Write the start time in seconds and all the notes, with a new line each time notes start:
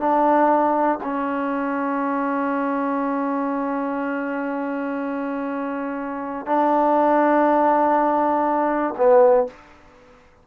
0.00 D4
1.03 C#4
6.46 D4
8.98 B3